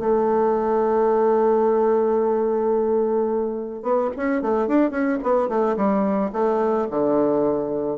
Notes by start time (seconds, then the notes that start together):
0.00 A3
3.83 B3
4.17 C#4
4.42 A3
4.68 D4
4.91 C#4
5.23 B3
5.49 A3
5.77 G3
6.33 A3
6.91 D3